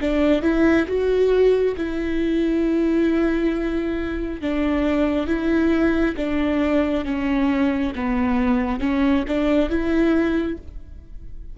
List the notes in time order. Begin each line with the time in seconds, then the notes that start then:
0.00 D4
0.42 E4
0.87 F#4
1.76 E4
4.41 D4
5.27 E4
6.16 D4
7.05 C#4
7.95 B3
8.80 C#4
9.27 D4
9.69 E4